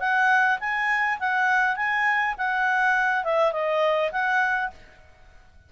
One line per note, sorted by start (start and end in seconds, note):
0.00 0.59 F#5
0.60 1.19 G#5
1.20 1.76 F#5
1.76 2.35 G#5
2.39 3.25 F#5
3.25 3.53 E5
3.53 4.11 D#5
4.12 4.71 F#5